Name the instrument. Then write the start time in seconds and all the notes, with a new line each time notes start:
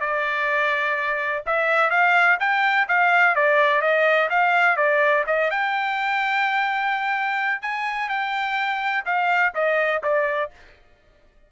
trumpet
0.00 D5
1.46 E5
1.90 F5
2.40 G5
2.88 F5
3.35 D5
3.81 D#5
4.30 F5
4.76 D5
5.26 D#5
5.50 G5
7.61 G#5
8.09 G5
9.05 F5
9.55 D#5
10.03 D5